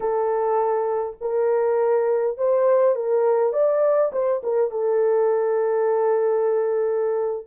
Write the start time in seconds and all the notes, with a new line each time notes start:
0.00 A4
1.20 A#4
2.37 C5
2.95 A#4
3.52 D5
4.12 C5
4.43 A#4
4.71 A4